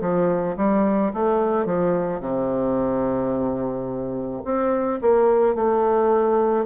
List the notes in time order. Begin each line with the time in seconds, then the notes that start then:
0.00 F3
0.56 G3
1.13 A3
1.65 F3
2.20 C3
4.44 C4
5.01 A#3
5.55 A3